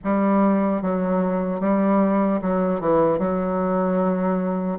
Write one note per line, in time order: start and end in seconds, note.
0.04 0.82 G3
0.82 1.60 F#3
1.60 2.40 G3
2.41 2.80 F#3
2.80 3.19 E3
3.19 4.79 F#3